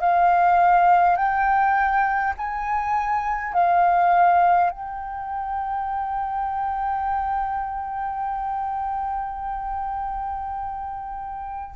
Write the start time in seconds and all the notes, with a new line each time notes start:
0.00 F5
1.16 G5
2.37 G#5
3.53 F5
4.70 G5